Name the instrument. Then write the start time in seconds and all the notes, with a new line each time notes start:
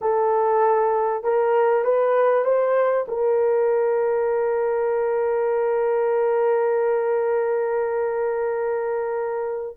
horn
0.01 A4
1.23 A#4
1.84 B4
2.44 C5
3.08 A#4